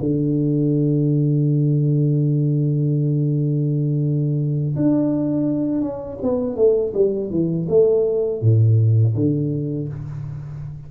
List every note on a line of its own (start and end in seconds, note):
0.00 4.76 D3
4.76 5.81 D4
5.81 6.18 C#4
6.22 6.56 B3
6.56 6.92 A3
6.94 7.30 G3
7.30 7.67 E3
7.69 8.41 A3
8.41 9.15 A2
9.15 9.88 D3